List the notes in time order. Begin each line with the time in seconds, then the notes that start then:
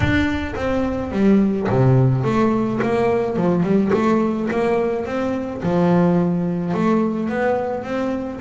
0.00 D4
0.55 C4
1.11 G3
1.69 C3
2.24 A3
2.82 A#3
3.36 F3
3.63 G3
3.93 A3
4.50 A#3
5.05 C4
5.63 F3
6.73 A3
7.29 B3
7.83 C4